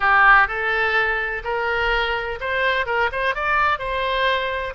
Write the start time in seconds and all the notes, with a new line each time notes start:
0.00 G4
0.47 A4
1.44 A#4
2.40 C5
2.86 A#4
3.11 C5
3.35 D5
3.79 C5